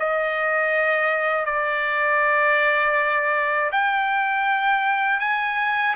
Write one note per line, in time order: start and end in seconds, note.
0.00 1.46 D#5
1.46 3.71 D5
3.72 5.20 G5
5.20 5.95 G#5